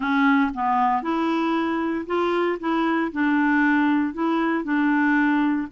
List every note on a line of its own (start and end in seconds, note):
0.00 0.51 C#4
0.54 1.02 B3
1.02 2.05 E4
2.06 2.58 F4
2.59 3.11 E4
3.12 4.13 D4
4.13 4.64 E4
4.64 5.67 D4